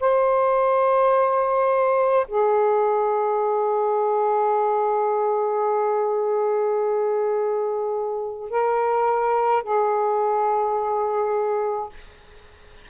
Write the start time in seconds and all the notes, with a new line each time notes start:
0.00 C5
2.27 G#4
8.50 A#4
9.63 G#4